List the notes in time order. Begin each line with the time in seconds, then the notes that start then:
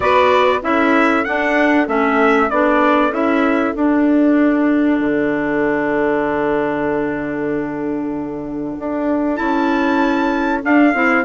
0.00 B3 F#4 B4 D5
0.62 C#4 E4 A4 E5
1.24 D4 F#5
1.86 A3 C#4 E5
2.50 B3 D4 D5
3.10 C#4 E4 E5
3.75 D4 F#5
4.99 D3
8.78 D4
9.36 C#4 E4 A5
10.62 D4 F5
10.93 C4 E4